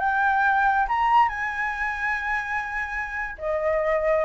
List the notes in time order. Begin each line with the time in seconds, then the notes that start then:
0.00 G5
0.88 A#5
1.29 G#5
3.38 D#5